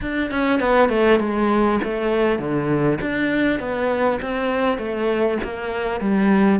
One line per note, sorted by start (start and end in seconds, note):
0.01 0.31 D4
0.31 0.60 C#4
0.60 0.89 B3
0.89 1.19 A3
1.19 1.79 G#3
1.83 2.38 A3
2.38 2.98 D3
3.01 3.59 D4
3.59 4.19 B3
4.21 4.78 C4
4.78 5.38 A3
5.43 6.00 A#3
6.00 6.59 G3